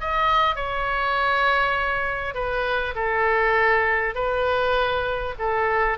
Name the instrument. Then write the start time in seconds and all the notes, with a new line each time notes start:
oboe
0.00 D#5
0.55 C#5
2.34 B4
2.95 A4
4.15 B4
5.39 A4